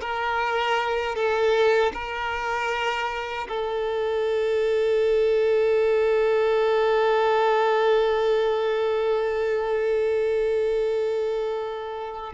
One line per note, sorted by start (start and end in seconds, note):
0.00 1.15 A#4
1.15 1.92 A4
1.93 3.47 A#4
3.48 12.33 A4